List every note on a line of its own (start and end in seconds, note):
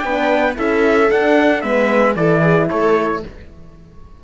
0.00 0.57 B3
0.00 0.56 B4
0.00 0.53 G5
0.07 0.55 D4
0.55 1.11 C#4
0.55 1.08 E4
0.55 1.62 A4
0.55 1.11 E5
1.10 1.62 D4
1.10 1.63 D4
1.10 1.61 F#5
1.61 2.16 G#3
1.61 2.15 B3
1.61 2.16 B4
1.61 2.14 E5
2.15 2.69 E3
2.15 3.22 E4
2.15 2.41 A4
2.15 2.68 D5
2.41 2.67 G#4
2.69 3.23 A3
2.69 3.23 A4
2.69 3.23 C#5